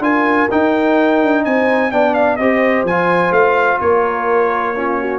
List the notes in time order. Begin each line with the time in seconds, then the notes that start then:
0.00 D4 F4 A#4 G#5
0.51 D#4 G5
1.23 D4
1.45 C4 C5 G#5
1.92 B3 D4 D5 G5
2.14 F5
2.37 C4 G4 C5 D#5
2.84 F3 G#5
2.90 F4
3.31 A3 F5
3.81 A#3 A#4 C#5
4.76 C#4 F4
5.00 F#4